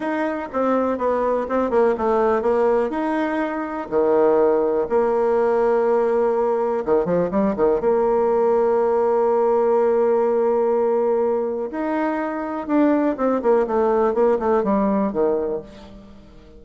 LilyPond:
\new Staff \with { instrumentName = "bassoon" } { \time 4/4 \tempo 4 = 123 dis'4 c'4 b4 c'8 ais8 | a4 ais4 dis'2 | dis2 ais2~ | ais2 dis8 f8 g8 dis8 |
ais1~ | ais1 | dis'2 d'4 c'8 ais8 | a4 ais8 a8 g4 dis4 | }